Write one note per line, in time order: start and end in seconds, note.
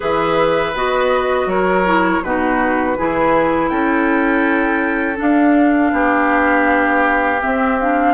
0.00 0.73 E3
0.00 0.72 G#4
0.00 1.47 B4
0.00 0.75 E5
0.73 1.46 B3
0.73 1.85 F#4
0.73 1.49 D#5
1.46 2.20 F#3
1.46 2.23 A#4
1.46 2.23 C#5
1.85 2.22 E4
2.23 2.97 B2
2.23 2.97 D#4
2.23 2.97 F#4
2.23 3.69 B4
2.97 3.70 E3
2.97 5.15 E4
2.97 3.70 G#4
3.69 5.18 C#4
3.69 5.92 A4
3.69 5.17 G5
5.15 7.37 D4
5.15 5.92 D4
5.15 7.41 F5
5.92 7.40 B3
5.92 8.14 G4
7.40 7.77 C4
7.40 8.14 C4
7.40 7.78 E5
7.79 8.14 D4
7.79 8.14 F5